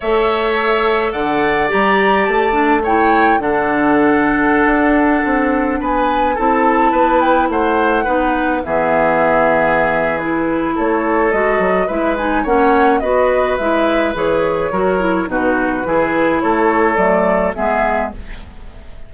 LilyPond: <<
  \new Staff \with { instrumentName = "flute" } { \time 4/4 \tempo 4 = 106 e''2 fis''4 ais''4 | a''4 g''4 fis''2~ | fis''2~ fis''16 gis''4 a''8.~ | a''8. g''8 fis''2 e''8.~ |
e''2 b'4 cis''4 | dis''4 e''8 gis''8 fis''4 dis''4 | e''4 cis''2 b'4~ | b'4 cis''4 d''4 e''4 | }
  \new Staff \with { instrumentName = "oboe" } { \time 4/4 cis''2 d''2~ | d''4 cis''4 a'2~ | a'2~ a'16 b'4 a'8.~ | a'16 b'4 c''4 b'4 gis'8.~ |
gis'2. a'4~ | a'4 b'4 cis''4 b'4~ | b'2 ais'4 fis'4 | gis'4 a'2 gis'4 | }
  \new Staff \with { instrumentName = "clarinet" } { \time 4/4 a'2. g'4~ | g'8 d'8 e'4 d'2~ | d'2.~ d'16 e'8.~ | e'2~ e'16 dis'4 b8.~ |
b2 e'2 | fis'4 e'8 dis'8 cis'4 fis'4 | e'4 gis'4 fis'8 e'8 dis'4 | e'2 a4 b4 | }
  \new Staff \with { instrumentName = "bassoon" } { \time 4/4 a2 d4 g4 | a2 d2~ | d16 d'4 c'4 b4 c'8.~ | c'16 b4 a4 b4 e8.~ |
e2. a4 | gis8 fis8 gis4 ais4 b4 | gis4 e4 fis4 b,4 | e4 a4 fis4 gis4 | }
>>